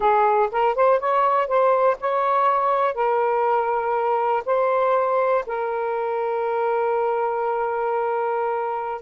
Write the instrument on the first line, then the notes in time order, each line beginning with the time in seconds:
saxophone
0.00 G#4
0.51 A#4
0.75 C5
0.99 C#5
1.47 C5
2.00 C#5
2.94 A#4
4.45 C5
5.46 A#4